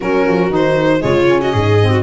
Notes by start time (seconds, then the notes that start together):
0.00 F#3 C#4 F#4 A#4
0.27 F3
0.49 D#3 D#4 C5
0.98 C#3 G#3 F4 C#5
1.27 C#4
1.40 F#4 D#5
1.52 G#2 G#4
1.81 C4
1.90 F#4